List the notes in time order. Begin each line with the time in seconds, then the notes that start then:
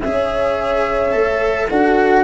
0.00 C#4 G#4 C#5 E5
1.12 A3 A4
1.68 D4 F#4 A4 F#5